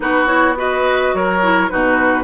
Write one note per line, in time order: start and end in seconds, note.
0.00 1.13 B3
0.00 0.26 D#4
0.00 0.58 F#4
0.00 0.26 B4
0.26 0.54 E4
0.26 0.54 C#5
0.56 1.41 F#4
0.56 1.15 B4
0.56 1.15 D#5
1.14 1.70 F#3
1.14 1.71 A#4
1.14 1.69 C#5
1.41 1.69 E4
1.69 2.23 B2
1.69 2.23 D#4
1.69 2.23 F#4
1.69 2.23 B4